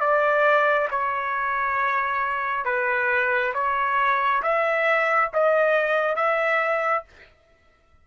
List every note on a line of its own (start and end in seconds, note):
0.00 0.88 D5
0.91 2.65 C#5
2.65 3.53 B4
3.54 4.42 C#5
4.42 5.31 E5
5.33 6.16 D#5
6.16 7.04 E5